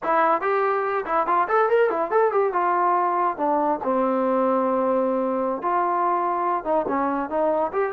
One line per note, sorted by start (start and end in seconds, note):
0.03 0.41 E4
0.41 1.04 G4
1.05 1.26 E4
1.26 1.47 F4
1.48 1.69 A4
1.69 1.89 A#4
1.89 2.10 E4
2.10 2.31 A4
2.31 2.52 G4
2.52 3.37 F4
3.37 3.79 D4
3.83 5.61 C4
5.61 6.64 F4
6.64 6.85 D#4
6.88 7.29 C#4
7.29 7.71 D#4
7.72 7.92 G4